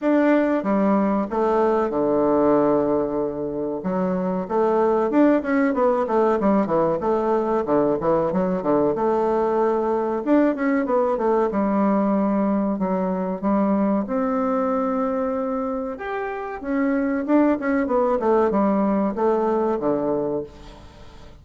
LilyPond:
\new Staff \with { instrumentName = "bassoon" } { \time 4/4 \tempo 4 = 94 d'4 g4 a4 d4~ | d2 fis4 a4 | d'8 cis'8 b8 a8 g8 e8 a4 | d8 e8 fis8 d8 a2 |
d'8 cis'8 b8 a8 g2 | fis4 g4 c'2~ | c'4 g'4 cis'4 d'8 cis'8 | b8 a8 g4 a4 d4 | }